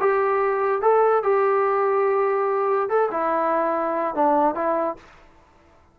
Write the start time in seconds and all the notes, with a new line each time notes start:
0.00 G4
0.82 A4
1.23 G4
2.89 A4
3.11 E4
4.15 D4
4.55 E4